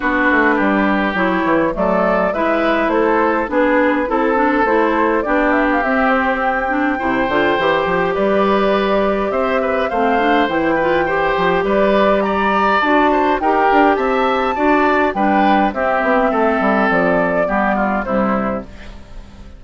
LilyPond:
<<
  \new Staff \with { instrumentName = "flute" } { \time 4/4 \tempo 4 = 103 b'2 cis''4 d''4 | e''4 c''4 b'4 a'4 | c''4 d''8 e''16 f''16 e''8 c''8 g''4~ | g''2 d''2 |
e''4 f''4 g''2 | d''4 ais''4 a''4 g''4 | a''2 g''4 e''4~ | e''4 d''2 c''4 | }
  \new Staff \with { instrumentName = "oboe" } { \time 4/4 fis'4 g'2 a'4 | b'4 a'4 gis'4 a'4~ | a'4 g'2. | c''2 b'2 |
c''8 b'8 c''4. b'8 c''4 | b'4 d''4. c''8 ais'4 | e''4 d''4 b'4 g'4 | a'2 g'8 f'8 e'4 | }
  \new Staff \with { instrumentName = "clarinet" } { \time 4/4 d'2 e'4 a4 | e'2 d'4 e'8 d'8 | e'4 d'4 c'4. d'8 | e'8 f'8 g'2.~ |
g'4 c'8 d'8 e'8 f'8 g'4~ | g'2 fis'4 g'4~ | g'4 fis'4 d'4 c'4~ | c'2 b4 g4 | }
  \new Staff \with { instrumentName = "bassoon" } { \time 4/4 b8 a8 g4 fis8 e8 fis4 | gis4 a4 b4 c'4 | a4 b4 c'2 | c8 d8 e8 f8 g2 |
c'4 a4 e4. f8 | g2 d'4 dis'8 d'8 | c'4 d'4 g4 c'8 b8 | a8 g8 f4 g4 c4 | }
>>